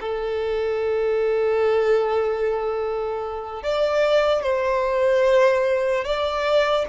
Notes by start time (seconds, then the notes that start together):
0.00 A4
3.62 D5
4.42 C5
6.04 D5